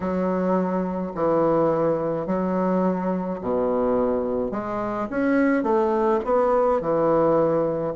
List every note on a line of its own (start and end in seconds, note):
0.00 1.12 F#3
1.14 2.26 E3
2.26 3.39 F#3
3.41 4.51 B2
4.51 5.07 G#3
5.09 5.63 C#4
5.63 6.20 A3
6.24 6.80 B3
6.80 7.93 E3